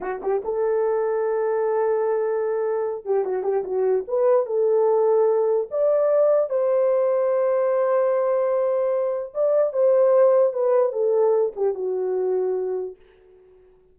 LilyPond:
\new Staff \with { instrumentName = "horn" } { \time 4/4 \tempo 4 = 148 fis'8 g'8 a'2.~ | a'2.~ a'8 g'8 | fis'8 g'8 fis'4 b'4 a'4~ | a'2 d''2 |
c''1~ | c''2. d''4 | c''2 b'4 a'4~ | a'8 g'8 fis'2. | }